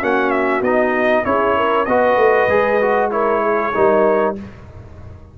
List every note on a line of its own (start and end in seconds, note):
0.00 0.62 A#3
0.00 0.63 C#4
0.00 1.24 F#4
0.00 0.31 F#5
0.31 0.62 E5
0.62 1.24 B3
0.62 1.25 D#4
0.62 1.26 D#5
1.25 1.87 C#4
1.25 1.87 E4
1.25 1.57 G#4
1.25 1.86 C#5
1.57 1.88 A#4
1.86 2.17 B3
1.86 2.50 F#4
1.86 3.11 B4
1.86 3.10 D#5
2.17 2.48 A3
2.48 3.72 G#3
2.48 2.81 G#4
2.81 3.11 F#4
3.11 3.73 E4
3.11 3.42 A#4
3.11 4.35 C#5
3.42 3.73 G#4
3.74 4.38 G3
3.74 4.36 D#4
3.74 4.37 A#4